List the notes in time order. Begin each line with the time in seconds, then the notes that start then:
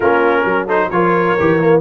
0.00 A#3 C#4 F4 A#4
0.44 F#3 A#4
0.66 D#4 A4 C5
0.90 F3 F4 A#4 C#5
1.40 E3 G4
1.59 A#3